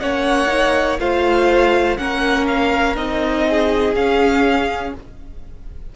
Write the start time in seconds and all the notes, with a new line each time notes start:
0.00 A#3 C#4 C#5 F#5
0.47 D#4
0.99 A3 F4 C5 F5
1.97 A#3 C#4 A#4 F#5
2.47 F5
2.96 C4 D#4 D#5
3.48 G#4
3.95 C#4 F5